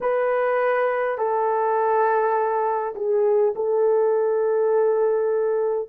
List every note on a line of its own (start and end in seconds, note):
0.01 1.18 B4
1.18 2.94 A4
2.95 3.53 G#4
3.56 5.89 A4